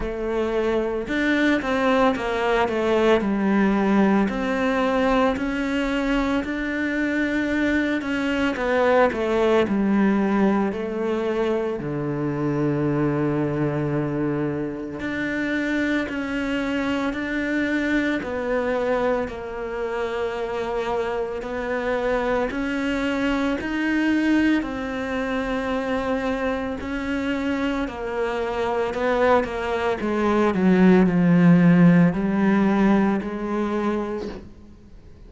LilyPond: \new Staff \with { instrumentName = "cello" } { \time 4/4 \tempo 4 = 56 a4 d'8 c'8 ais8 a8 g4 | c'4 cis'4 d'4. cis'8 | b8 a8 g4 a4 d4~ | d2 d'4 cis'4 |
d'4 b4 ais2 | b4 cis'4 dis'4 c'4~ | c'4 cis'4 ais4 b8 ais8 | gis8 fis8 f4 g4 gis4 | }